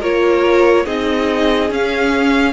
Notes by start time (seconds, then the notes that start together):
0.00 A#3 F4 A#4 C#5
0.85 C4 D#4 G#4 D#5
1.71 C#4 F5